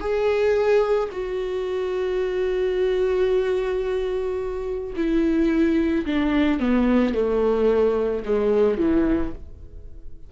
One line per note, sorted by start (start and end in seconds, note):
0.00 1.09 G#4
1.12 4.93 F#4
4.96 6.05 E4
6.05 6.60 D4
6.60 7.14 B3
7.14 8.23 A3
8.25 8.78 G#3
8.78 9.32 E3